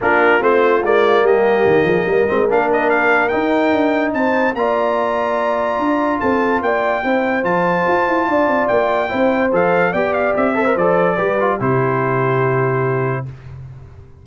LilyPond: <<
  \new Staff \with { instrumentName = "trumpet" } { \time 4/4 \tempo 4 = 145 ais'4 c''4 d''4 dis''4~ | dis''2 f''8 dis''8 f''4 | g''2 a''4 ais''4~ | ais''2. a''4 |
g''2 a''2~ | a''4 g''2 f''4 | g''8 f''8 e''4 d''2 | c''1 | }
  \new Staff \with { instrumentName = "horn" } { \time 4/4 f'2. g'4~ | g'8 gis'8 ais'2.~ | ais'2 c''4 d''4~ | d''2. a'4 |
d''4 c''2. | d''2 c''2 | d''4. c''4. b'4 | g'1 | }
  \new Staff \with { instrumentName = "trombone" } { \time 4/4 d'4 c'4 ais2~ | ais4. c'8 d'2 | dis'2. f'4~ | f'1~ |
f'4 e'4 f'2~ | f'2 e'4 a'4 | g'4. a'16 ais'16 a'4 g'8 f'8 | e'1 | }
  \new Staff \with { instrumentName = "tuba" } { \time 4/4 ais4 a4 gis4 g4 | dis8 f8 g8 gis8 ais2 | dis'4 d'4 c'4 ais4~ | ais2 d'4 c'4 |
ais4 c'4 f4 f'8 e'8 | d'8 c'8 ais4 c'4 f4 | b4 c'4 f4 g4 | c1 | }
>>